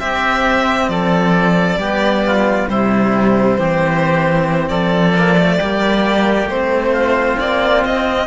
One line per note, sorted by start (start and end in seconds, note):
0.00 0.88 C4
0.00 1.79 C4
0.00 0.91 G4
0.00 0.89 E5
0.88 1.77 F3
0.88 1.80 A4
0.88 2.68 D5
1.77 2.66 G3
1.77 2.69 B3
1.77 2.25 G4
2.26 2.70 F4
2.69 3.58 C3
2.69 3.58 G3
2.69 3.59 E4
2.69 4.69 C5
3.58 4.70 E3
3.58 5.14 C4
3.58 4.70 G4
4.69 5.60 F3
4.69 5.57 A4
4.69 6.48 D5
5.14 5.36 A#3
5.37 5.60 A3
5.57 6.45 G3
5.57 6.51 A#3
5.57 6.91 G4
6.45 7.35 A3
6.45 8.27 C4
6.45 7.39 C5
6.93 8.27 F4
7.40 7.85 A#3
7.40 7.84 D5
7.85 8.27 C4
7.85 8.27 D#5